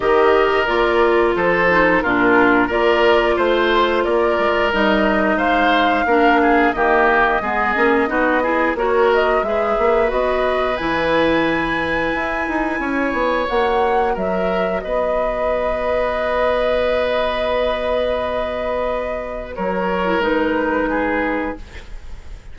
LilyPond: <<
  \new Staff \with { instrumentName = "flute" } { \time 4/4 \tempo 4 = 89 dis''4 d''4 c''4 ais'4 | d''4 c''4 d''4 dis''4 | f''2 dis''2~ | dis''4 cis''8 dis''8 e''4 dis''4 |
gis''1 | fis''4 e''4 dis''2~ | dis''1~ | dis''4 cis''4 b'2 | }
  \new Staff \with { instrumentName = "oboe" } { \time 4/4 ais'2 a'4 f'4 | ais'4 c''4 ais'2 | c''4 ais'8 gis'8 g'4 gis'4 | fis'8 gis'8 ais'4 b'2~ |
b'2. cis''4~ | cis''4 ais'4 b'2~ | b'1~ | b'4 ais'2 gis'4 | }
  \new Staff \with { instrumentName = "clarinet" } { \time 4/4 g'4 f'4. dis'8 d'4 | f'2. dis'4~ | dis'4 d'4 ais4 b8 cis'8 | dis'8 e'8 fis'4 gis'4 fis'4 |
e'1 | fis'1~ | fis'1~ | fis'4.~ fis'16 e'16 dis'2 | }
  \new Staff \with { instrumentName = "bassoon" } { \time 4/4 dis4 ais4 f4 ais,4 | ais4 a4 ais8 gis8 g4 | gis4 ais4 dis4 gis8 ais8 | b4 ais4 gis8 ais8 b4 |
e2 e'8 dis'8 cis'8 b8 | ais4 fis4 b2~ | b1~ | b4 fis4 gis2 | }
>>